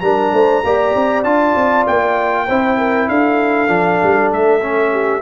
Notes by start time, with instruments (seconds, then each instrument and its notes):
0.00 tuba G3, trombone D4, horn A#4, trumpet A#5
0.32 tuba A3, horn C5
0.63 tuba A#3, trombone G4, horn D5
0.95 tuba C4
1.23 tuba D4, trombone F4, trumpet A5
1.55 tuba C4
1.87 tuba A#3, trumpet G5
2.45 tuba C4, trombone E4, horn C5
2.78 horn A#4
3.08 tuba D4, horn A4, trumpet F5
3.68 tuba F3, trombone D4
4.03 tuba G3
4.31 tuba A3, trumpet E5
4.60 trombone C#4
4.91 horn G4